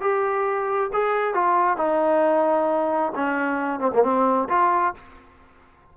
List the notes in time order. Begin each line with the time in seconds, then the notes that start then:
0.00 G4
0.93 G#4
1.34 F4
1.77 D#4
3.15 C#4
3.80 C4
3.94 A#3
4.03 C4
4.49 F4